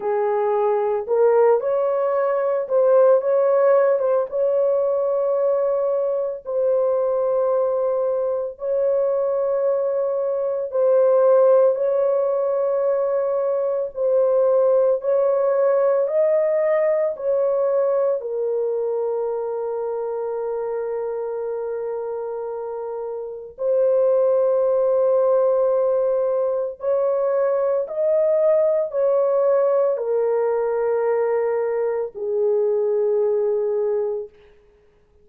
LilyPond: \new Staff \with { instrumentName = "horn" } { \time 4/4 \tempo 4 = 56 gis'4 ais'8 cis''4 c''8 cis''8. c''16 | cis''2 c''2 | cis''2 c''4 cis''4~ | cis''4 c''4 cis''4 dis''4 |
cis''4 ais'2.~ | ais'2 c''2~ | c''4 cis''4 dis''4 cis''4 | ais'2 gis'2 | }